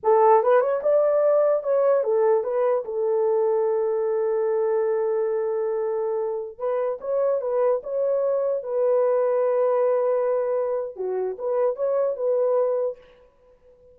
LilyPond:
\new Staff \with { instrumentName = "horn" } { \time 4/4 \tempo 4 = 148 a'4 b'8 cis''8 d''2 | cis''4 a'4 b'4 a'4~ | a'1~ | a'1~ |
a'16 b'4 cis''4 b'4 cis''8.~ | cis''4~ cis''16 b'2~ b'8.~ | b'2. fis'4 | b'4 cis''4 b'2 | }